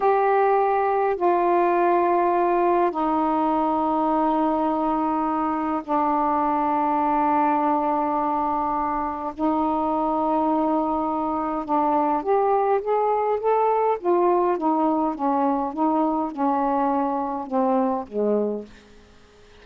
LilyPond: \new Staff \with { instrumentName = "saxophone" } { \time 4/4 \tempo 4 = 103 g'2 f'2~ | f'4 dis'2.~ | dis'2 d'2~ | d'1 |
dis'1 | d'4 g'4 gis'4 a'4 | f'4 dis'4 cis'4 dis'4 | cis'2 c'4 gis4 | }